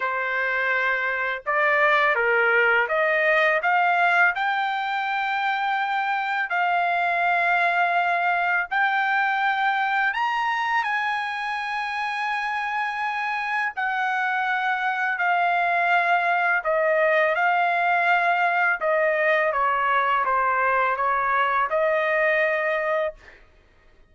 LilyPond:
\new Staff \with { instrumentName = "trumpet" } { \time 4/4 \tempo 4 = 83 c''2 d''4 ais'4 | dis''4 f''4 g''2~ | g''4 f''2. | g''2 ais''4 gis''4~ |
gis''2. fis''4~ | fis''4 f''2 dis''4 | f''2 dis''4 cis''4 | c''4 cis''4 dis''2 | }